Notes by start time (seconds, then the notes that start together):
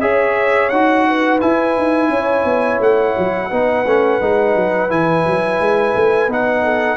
0.00 C#4 G#4 C#5 E5
0.69 D#4 F#4 F#5
1.07 B4
1.40 E4 G#5
1.77 D#4
2.09 C#4 C#5
2.44 B3
2.79 A3 F#5
3.18 F#3
3.50 B3 D#4 B4
3.85 A3 C#4
4.21 G#3 D#4
4.55 F#3
4.89 E3 E4 G#5
5.26 F#3
5.60 G#3
5.95 A3
6.27 B3 D#4 F#5
6.63 A4